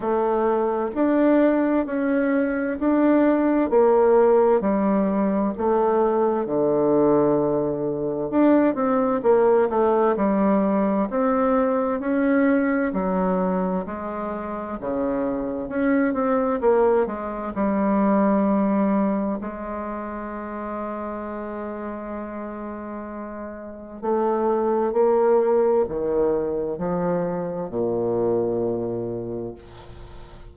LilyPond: \new Staff \with { instrumentName = "bassoon" } { \time 4/4 \tempo 4 = 65 a4 d'4 cis'4 d'4 | ais4 g4 a4 d4~ | d4 d'8 c'8 ais8 a8 g4 | c'4 cis'4 fis4 gis4 |
cis4 cis'8 c'8 ais8 gis8 g4~ | g4 gis2.~ | gis2 a4 ais4 | dis4 f4 ais,2 | }